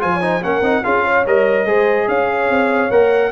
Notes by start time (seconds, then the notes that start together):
0.00 F3 F4 C5 G#5
0.14 C#5
0.22 D#4 C5
0.43 A#3 C#4 A#4 F#5
0.62 C4 D#4
0.84 C#4 F4 G#4 F5
1.04 C#5
1.26 G3 A#4 D#5
1.65 G#3 G#4 C5
2.08 C#4 C#5 F5
2.50 C4
2.91 A#3 A#4 F#5